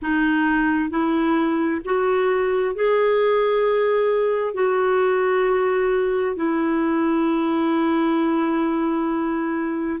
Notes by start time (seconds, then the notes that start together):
0.02 D#4
0.90 E4
1.84 F#4
2.75 G#4
4.54 F#4
6.36 E4